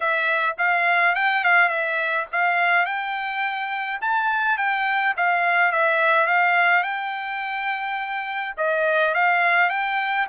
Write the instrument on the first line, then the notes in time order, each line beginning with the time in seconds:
trumpet
0.00 E5
0.57 F5
1.15 G5
1.44 F5
1.69 E5
2.32 F5
2.85 G5
4.01 A5
4.57 G5
5.16 F5
5.72 E5
6.26 F5
6.83 G5
8.57 D#5
9.14 F5
9.69 G5